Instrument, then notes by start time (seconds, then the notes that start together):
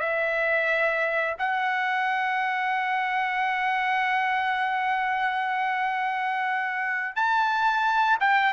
trumpet
0.00 E5
1.39 F#5
7.16 A5
8.21 G5